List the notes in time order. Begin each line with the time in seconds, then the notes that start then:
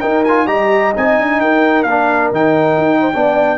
0.00 D#4 A#4 G5
0.24 F4 G#5
0.45 G3 G4 D#5 A#5
0.94 C4 D#4 G#5
1.19 D4
1.40 D#4 A#4 G5
1.83 A#3 F5
1.89 D4
2.31 D#3 D#4 G5
2.77 D#4
3.00 C5
3.13 B3 D4 D5